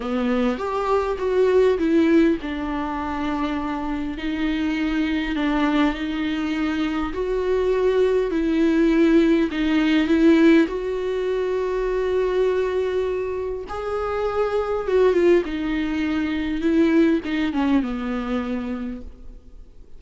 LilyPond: \new Staff \with { instrumentName = "viola" } { \time 4/4 \tempo 4 = 101 b4 g'4 fis'4 e'4 | d'2. dis'4~ | dis'4 d'4 dis'2 | fis'2 e'2 |
dis'4 e'4 fis'2~ | fis'2. gis'4~ | gis'4 fis'8 f'8 dis'2 | e'4 dis'8 cis'8 b2 | }